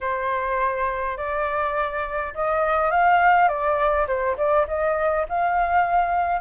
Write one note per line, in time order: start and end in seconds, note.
0.00 1.17 C5
1.17 2.33 D5
2.34 2.90 D#5
2.90 3.48 F5
3.48 4.06 D5
4.07 4.36 C5
4.37 4.66 D5
4.67 5.26 D#5
5.29 6.41 F5